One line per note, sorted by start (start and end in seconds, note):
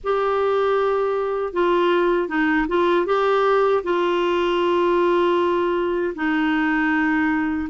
0.03 1.53 G4
1.53 2.28 F4
2.28 2.66 D#4
2.68 3.06 F4
3.06 3.83 G4
3.83 6.14 F4
6.15 7.69 D#4